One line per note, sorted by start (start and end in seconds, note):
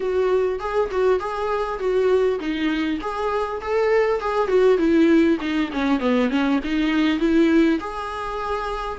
0.00 0.59 F#4
0.59 0.89 G#4
0.91 1.19 F#4
1.19 1.79 G#4
1.79 2.39 F#4
2.39 2.99 D#4
3.00 3.60 G#4
3.61 4.20 A4
4.20 4.48 G#4
4.48 4.78 F#4
4.78 5.38 E4
5.40 5.70 D#4
5.72 5.99 C#4
5.99 6.29 B3
6.29 6.59 C#4
6.64 7.19 D#4
7.19 7.79 E4
7.79 8.99 G#4